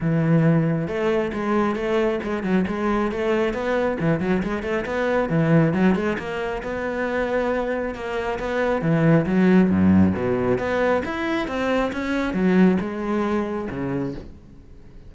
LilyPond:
\new Staff \with { instrumentName = "cello" } { \time 4/4 \tempo 4 = 136 e2 a4 gis4 | a4 gis8 fis8 gis4 a4 | b4 e8 fis8 gis8 a8 b4 | e4 fis8 gis8 ais4 b4~ |
b2 ais4 b4 | e4 fis4 fis,4 b,4 | b4 e'4 c'4 cis'4 | fis4 gis2 cis4 | }